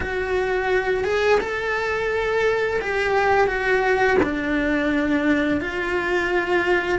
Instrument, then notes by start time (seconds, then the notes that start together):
cello
0.00 F#4
1.04 G#4
1.40 A4
2.81 G4
3.47 F#4
4.22 D4
5.60 F4